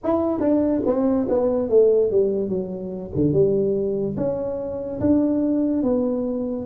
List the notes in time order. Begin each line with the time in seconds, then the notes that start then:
0.03 E4
0.39 D4
0.85 C4
1.28 B3
1.69 A3
2.11 G3
2.48 F#3
3.15 D3
3.33 G3
4.16 C#4
5.00 D4
5.83 B3